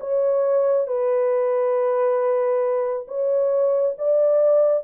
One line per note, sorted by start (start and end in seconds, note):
0.00 0.87 C#5
0.87 3.06 B4
3.08 3.95 C#5
3.98 4.84 D5